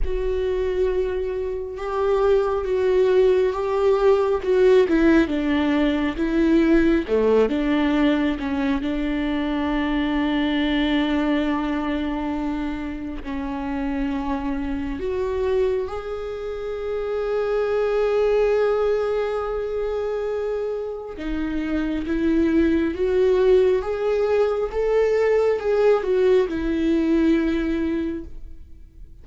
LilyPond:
\new Staff \with { instrumentName = "viola" } { \time 4/4 \tempo 4 = 68 fis'2 g'4 fis'4 | g'4 fis'8 e'8 d'4 e'4 | a8 d'4 cis'8 d'2~ | d'2. cis'4~ |
cis'4 fis'4 gis'2~ | gis'1 | dis'4 e'4 fis'4 gis'4 | a'4 gis'8 fis'8 e'2 | }